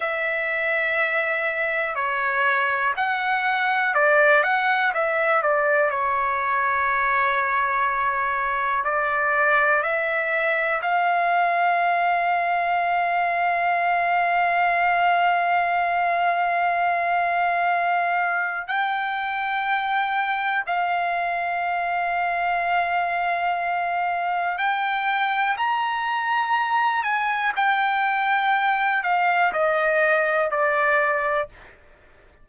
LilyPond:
\new Staff \with { instrumentName = "trumpet" } { \time 4/4 \tempo 4 = 61 e''2 cis''4 fis''4 | d''8 fis''8 e''8 d''8 cis''2~ | cis''4 d''4 e''4 f''4~ | f''1~ |
f''2. g''4~ | g''4 f''2.~ | f''4 g''4 ais''4. gis''8 | g''4. f''8 dis''4 d''4 | }